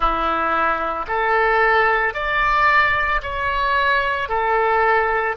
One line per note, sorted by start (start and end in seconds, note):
0.00 1.06 E4
1.07 2.14 A4
2.14 3.21 D5
3.22 4.29 C#5
4.29 5.36 A4